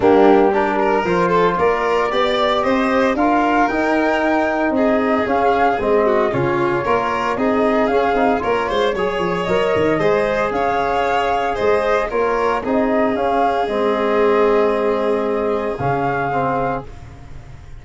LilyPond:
<<
  \new Staff \with { instrumentName = "flute" } { \time 4/4 \tempo 4 = 114 g'4 ais'4 c''4 d''4~ | d''4 dis''4 f''4 g''4~ | g''4 dis''4 f''4 dis''4 | cis''2 dis''4 f''4 |
cis''2 dis''2 | f''2 dis''4 cis''4 | dis''4 f''4 dis''2~ | dis''2 f''2 | }
  \new Staff \with { instrumentName = "violin" } { \time 4/4 d'4 g'8 ais'4 a'8 ais'4 | d''4 c''4 ais'2~ | ais'4 gis'2~ gis'8 fis'8 | f'4 ais'4 gis'2 |
ais'8 c''8 cis''2 c''4 | cis''2 c''4 ais'4 | gis'1~ | gis'1 | }
  \new Staff \with { instrumentName = "trombone" } { \time 4/4 ais4 d'4 f'2 | g'2 f'4 dis'4~ | dis'2 cis'4 c'4 | cis'4 f'4 dis'4 cis'8 dis'8 |
f'4 gis'4 ais'4 gis'4~ | gis'2. f'4 | dis'4 cis'4 c'2~ | c'2 cis'4 c'4 | }
  \new Staff \with { instrumentName = "tuba" } { \time 4/4 g2 f4 ais4 | b4 c'4 d'4 dis'4~ | dis'4 c'4 cis'4 gis4 | cis4 ais4 c'4 cis'8 c'8 |
ais8 gis8 fis8 f8 fis8 dis8 gis4 | cis'2 gis4 ais4 | c'4 cis'4 gis2~ | gis2 cis2 | }
>>